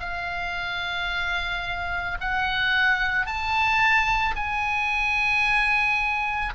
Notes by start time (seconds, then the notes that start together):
0.00 F5
2.21 F#5
3.26 A5
4.36 G#5